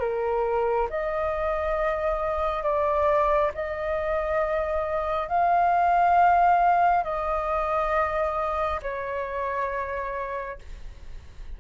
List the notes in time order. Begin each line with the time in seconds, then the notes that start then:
0.00 A#4
0.90 D#5
2.63 D5
3.54 D#5
5.28 F5
7.03 D#5
8.82 C#5